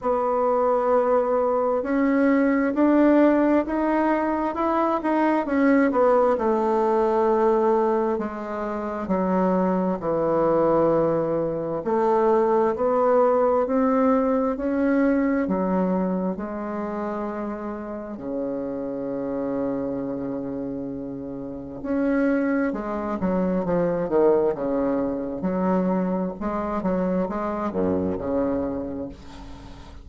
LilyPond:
\new Staff \with { instrumentName = "bassoon" } { \time 4/4 \tempo 4 = 66 b2 cis'4 d'4 | dis'4 e'8 dis'8 cis'8 b8 a4~ | a4 gis4 fis4 e4~ | e4 a4 b4 c'4 |
cis'4 fis4 gis2 | cis1 | cis'4 gis8 fis8 f8 dis8 cis4 | fis4 gis8 fis8 gis8 fis,8 cis4 | }